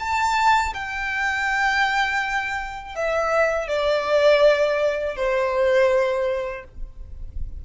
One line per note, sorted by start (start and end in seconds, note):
0.00 0.74 A5
0.74 2.96 G5
2.96 3.68 E5
3.68 5.16 D5
5.16 6.65 C5